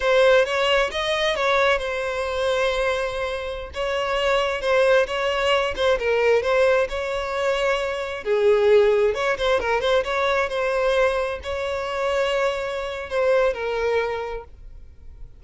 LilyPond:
\new Staff \with { instrumentName = "violin" } { \time 4/4 \tempo 4 = 133 c''4 cis''4 dis''4 cis''4 | c''1~ | c''16 cis''2 c''4 cis''8.~ | cis''8. c''8 ais'4 c''4 cis''8.~ |
cis''2~ cis''16 gis'4.~ gis'16~ | gis'16 cis''8 c''8 ais'8 c''8 cis''4 c''8.~ | c''4~ c''16 cis''2~ cis''8.~ | cis''4 c''4 ais'2 | }